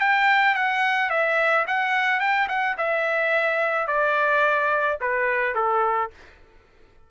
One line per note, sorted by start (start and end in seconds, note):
0.00 0.55 G5
0.55 1.10 F#5
1.10 1.66 E5
1.67 2.20 F#5
2.20 2.47 G5
2.48 2.76 F#5
2.77 3.87 E5
3.87 4.98 D5
5.01 5.55 B4
5.55 6.10 A4